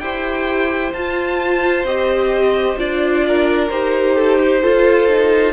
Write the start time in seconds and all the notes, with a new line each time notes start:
0.00 E4 G4 C5 G5
0.93 F4 A5
1.85 C4 G4 D#5
2.77 D4 F4 D5
3.27 A#4
3.70 D#4 G4 C5
4.16 A4
4.40 G4
4.62 F4 A4
5.08 D#4